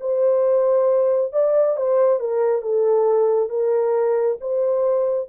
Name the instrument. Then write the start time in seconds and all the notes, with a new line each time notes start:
horn
0.00 C5
1.32 D5
1.76 C5
2.20 A#4
2.61 A4
3.49 A#4
4.40 C5